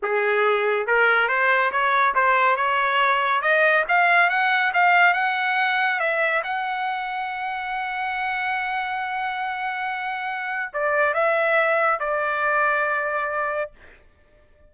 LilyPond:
\new Staff \with { instrumentName = "trumpet" } { \time 4/4 \tempo 4 = 140 gis'2 ais'4 c''4 | cis''4 c''4 cis''2 | dis''4 f''4 fis''4 f''4 | fis''2 e''4 fis''4~ |
fis''1~ | fis''1~ | fis''4 d''4 e''2 | d''1 | }